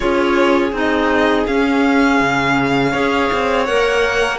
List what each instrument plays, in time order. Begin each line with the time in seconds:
0.00 cello C#4, clarinet F4, violin G#4 C#5
0.72 cello C4, clarinet D#4, violin D#5
1.46 cello C#4, clarinet C#4, violin F5
2.20 cello C#3
2.90 cello C#4, clarinet G#4, violin C#5
3.32 cello C4
3.65 cello A#3, clarinet A#4, violin F#5